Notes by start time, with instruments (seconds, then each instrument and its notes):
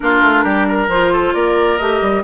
0.00 bassoon A#3, clarinet D4, oboe F4, flute A#4
0.22 bassoon A3
0.43 bassoon G3, oboe G4
0.68 oboe A#4
0.87 bassoon F3, clarinet F4, flute C5
1.12 oboe A4
1.33 bassoon A#3, oboe A#4, flute D5
1.77 bassoon A3, clarinet G4, flute D#5
2.01 bassoon G3